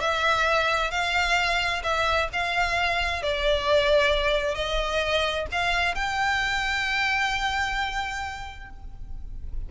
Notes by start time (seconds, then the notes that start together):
0.00 E5
0.91 F5
1.83 E5
2.32 F5
3.22 D5
4.54 D#5
5.51 F5
5.95 G5